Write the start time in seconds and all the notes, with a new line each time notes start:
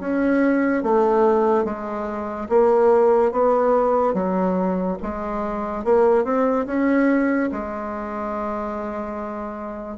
0.00 C#4
0.83 A3
1.64 G#3
2.49 A#3
3.32 B3
4.14 F#3
5.02 G#3
5.84 A#3
6.24 C4
6.66 C#4
7.52 G#3